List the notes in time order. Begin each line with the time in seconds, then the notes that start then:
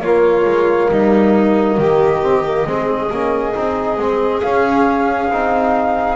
0.00 A#3 F4 C#5
0.45 G#3
0.91 G3 D#4 D#5
1.78 D#3 G4
2.22 C4
2.44 A#3
2.66 G#3 C4 G#4
3.11 A#3 C#4
3.54 C4 D#4
3.99 G#3 C4
4.41 C#4 F5
5.31 C4 D#4